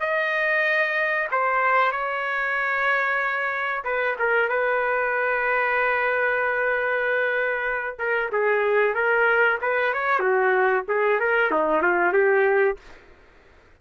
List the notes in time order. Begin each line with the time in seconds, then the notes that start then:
0.00 D#5
1.31 C5
1.91 C#5
3.84 B4
4.19 A#4
4.49 B4
7.98 A#4
8.32 G#4
8.94 A#4
9.61 B4
9.93 C#5
10.19 F#4
10.88 G#4
11.20 A#4
11.51 D#4
11.82 F4
12.13 G4